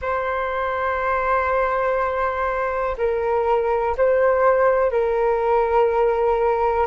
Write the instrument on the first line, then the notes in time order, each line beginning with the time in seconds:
flute
0.01 C5
2.97 A#4
3.97 C5
4.91 A#4